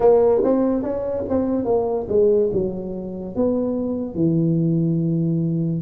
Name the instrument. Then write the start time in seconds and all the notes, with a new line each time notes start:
tuba
0.00 A#3
0.43 C4
0.83 C#4
1.29 C4
1.64 A#3
2.08 G#3
2.52 F#3
3.35 B3
4.14 E3